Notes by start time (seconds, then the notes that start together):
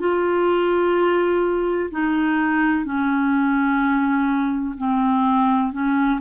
0.00 F4
1.91 D#4
2.85 C#4
4.78 C4
5.73 C#4